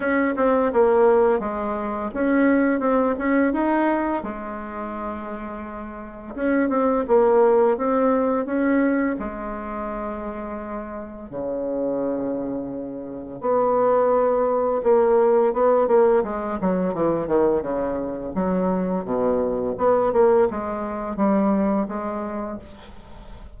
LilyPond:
\new Staff \with { instrumentName = "bassoon" } { \time 4/4 \tempo 4 = 85 cis'8 c'8 ais4 gis4 cis'4 | c'8 cis'8 dis'4 gis2~ | gis4 cis'8 c'8 ais4 c'4 | cis'4 gis2. |
cis2. b4~ | b4 ais4 b8 ais8 gis8 fis8 | e8 dis8 cis4 fis4 b,4 | b8 ais8 gis4 g4 gis4 | }